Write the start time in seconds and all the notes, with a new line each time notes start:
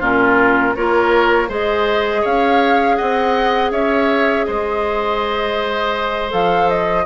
0.00 A#2 C#4 F4 A#4
0.75 A#3 F4 A#4 C#5
1.48 G#3 G#4 C5 D#5
2.21 C#4 C#5 F5
2.96 C4 D#5 F#5
3.71 C#4 C#5 E5
4.45 G#3 C5 D#5
6.30 F3 A4 F5
6.69 D#5